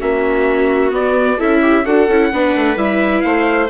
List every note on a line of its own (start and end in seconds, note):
0.00 0.93 A#3
0.00 0.91 C#4
0.00 1.38 F#4
0.00 0.93 E5
0.91 1.37 B3
0.91 1.39 B3
0.91 1.40 D5
1.38 1.86 C#4
1.38 1.85 E4
1.38 1.61 A4
1.38 1.86 E5
1.62 1.85 G4
1.85 2.09 D4
1.85 2.08 F#4
1.85 2.32 A4
1.85 2.78 F#5
2.09 2.32 C#4
2.09 2.33 E4
2.33 2.56 B3
2.33 2.77 D4
2.33 3.25 B4
2.56 2.77 A3
2.77 3.23 G3
2.77 3.69 E4
2.77 3.21 E5
3.21 3.70 A3
3.21 3.70 C5
3.21 3.67 F5